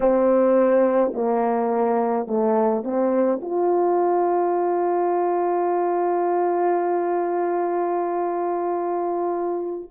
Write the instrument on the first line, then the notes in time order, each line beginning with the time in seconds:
horn
0.00 C4
1.14 A#3
2.26 A3
2.83 C4
3.41 F4